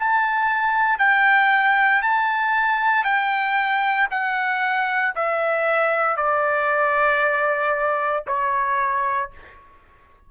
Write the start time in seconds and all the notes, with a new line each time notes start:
0.00 A5
0.99 G5
2.03 A5
3.05 G5
4.11 F#5
5.16 E5
6.17 D5
8.28 C#5